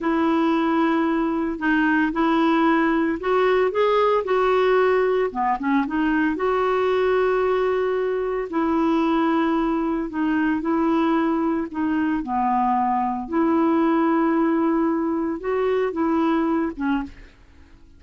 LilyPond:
\new Staff \with { instrumentName = "clarinet" } { \time 4/4 \tempo 4 = 113 e'2. dis'4 | e'2 fis'4 gis'4 | fis'2 b8 cis'8 dis'4 | fis'1 |
e'2. dis'4 | e'2 dis'4 b4~ | b4 e'2.~ | e'4 fis'4 e'4. cis'8 | }